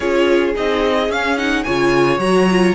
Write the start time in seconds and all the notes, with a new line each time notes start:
0.00 C#4 F4 G#4 C#5
0.54 C4 D#4 D#5
1.08 C#4 F5
1.37 D#4 F#5
1.63 C#3 F4 C#5 G#5
2.18 F#3 F#4 A#5
2.50 F4